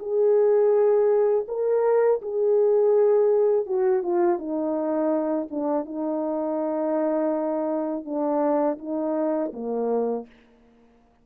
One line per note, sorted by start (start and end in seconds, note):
0.00 1.46 G#4
1.48 2.22 A#4
2.23 3.67 G#4
3.67 4.03 F#4
4.03 4.39 F4
4.39 5.49 D#4
5.51 5.86 D4
5.86 8.06 D#4
8.06 8.79 D4
8.79 9.52 D#4
9.54 10.27 A#3